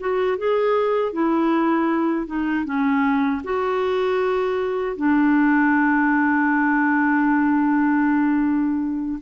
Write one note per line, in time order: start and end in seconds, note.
0.00 0.38 F#4
0.38 1.13 G#4
1.13 2.27 E4
2.27 2.65 D#4
2.65 3.42 C#4
3.44 4.96 F#4
4.96 9.19 D4